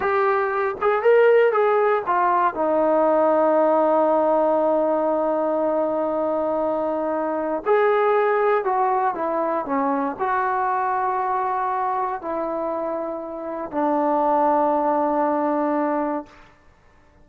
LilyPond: \new Staff \with { instrumentName = "trombone" } { \time 4/4 \tempo 4 = 118 g'4. gis'8 ais'4 gis'4 | f'4 dis'2.~ | dis'1~ | dis'2. gis'4~ |
gis'4 fis'4 e'4 cis'4 | fis'1 | e'2. d'4~ | d'1 | }